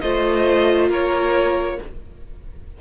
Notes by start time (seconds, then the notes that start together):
0.00 A3 F4 C5 D#5
0.89 A#3 A#4 C#5